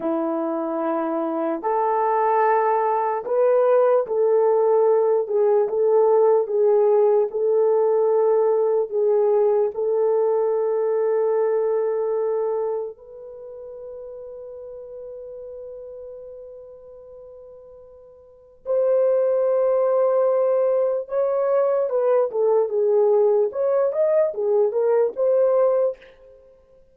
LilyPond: \new Staff \with { instrumentName = "horn" } { \time 4/4 \tempo 4 = 74 e'2 a'2 | b'4 a'4. gis'8 a'4 | gis'4 a'2 gis'4 | a'1 |
b'1~ | b'2. c''4~ | c''2 cis''4 b'8 a'8 | gis'4 cis''8 dis''8 gis'8 ais'8 c''4 | }